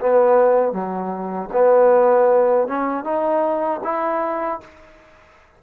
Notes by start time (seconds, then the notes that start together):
0.00 B3
0.72 F#3
1.52 B3
2.67 C#4
3.04 D#4
3.83 E4